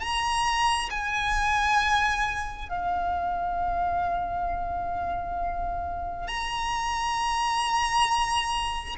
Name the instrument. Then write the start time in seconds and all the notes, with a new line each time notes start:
violin
0.00 A#5
0.90 G#5
2.69 F5
6.28 A#5